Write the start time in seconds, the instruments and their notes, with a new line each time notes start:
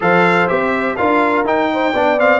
0.00 tuba F3, trombone A4, horn C5, trumpet F5
0.48 tuba C4, trombone G4, trumpet E5
0.96 tuba D4, trombone F4, horn A#4, trumpet F5
1.44 tuba D#4, trombone D#4, trumpet G5
1.73 horn C5
1.93 tuba B3, trombone D4, horn D5
2.18 trombone C4, trumpet F5